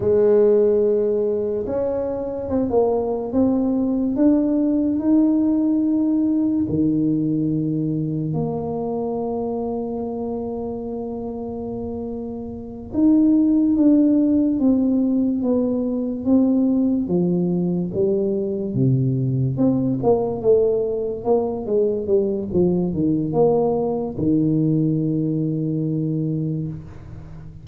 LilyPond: \new Staff \with { instrumentName = "tuba" } { \time 4/4 \tempo 4 = 72 gis2 cis'4 c'16 ais8. | c'4 d'4 dis'2 | dis2 ais2~ | ais2.~ ais8 dis'8~ |
dis'8 d'4 c'4 b4 c'8~ | c'8 f4 g4 c4 c'8 | ais8 a4 ais8 gis8 g8 f8 dis8 | ais4 dis2. | }